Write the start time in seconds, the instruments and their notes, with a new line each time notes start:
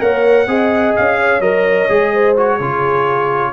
0.00 tuba A#3, trombone A#4, horn C#5, trumpet F#5
0.47 tuba C4, trombone G#4, horn D#5
0.96 tuba C#4, trumpet F5
1.20 horn C#5
1.40 tuba F#3, trombone A#4, trumpet D#5
1.89 tuba G#3, trombone G#4
2.13 horn C5
2.37 trombone F#4, trumpet C#5
2.57 tuba C#3, trombone F4, horn G#4